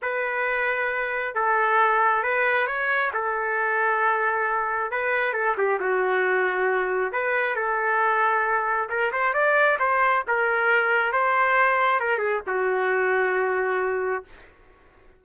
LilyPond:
\new Staff \with { instrumentName = "trumpet" } { \time 4/4 \tempo 4 = 135 b'2. a'4~ | a'4 b'4 cis''4 a'4~ | a'2. b'4 | a'8 g'8 fis'2. |
b'4 a'2. | ais'8 c''8 d''4 c''4 ais'4~ | ais'4 c''2 ais'8 gis'8 | fis'1 | }